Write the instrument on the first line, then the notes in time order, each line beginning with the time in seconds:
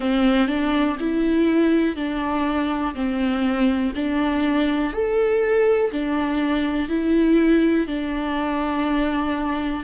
viola
0.00 C4
0.47 D4
0.99 E4
1.96 D4
2.95 C4
3.95 D4
4.93 A4
5.91 D4
6.89 E4
7.87 D4